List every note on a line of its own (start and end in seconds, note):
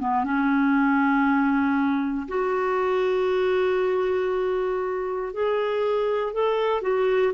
0.00 0.24 B3
0.24 2.27 C#4
2.28 5.33 F#4
5.33 6.34 G#4
6.34 6.82 A4
6.82 7.33 F#4